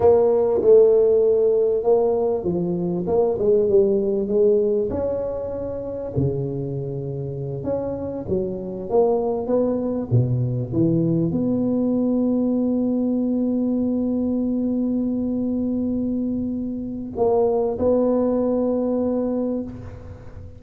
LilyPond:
\new Staff \with { instrumentName = "tuba" } { \time 4/4 \tempo 4 = 98 ais4 a2 ais4 | f4 ais8 gis8 g4 gis4 | cis'2 cis2~ | cis8 cis'4 fis4 ais4 b8~ |
b8 b,4 e4 b4.~ | b1~ | b1 | ais4 b2. | }